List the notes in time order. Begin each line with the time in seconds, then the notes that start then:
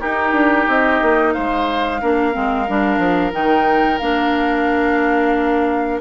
0.00 D#4 G4 A#4
0.33 D4
0.68 C4 D#5
1.02 A#3
1.33 G#3 C5 F5
2.01 A#3 D4 A#4
2.32 G#3 C4
2.69 G3 D4
2.98 F3
3.32 D#3 D#4 G5
3.99 A#3 D4 F5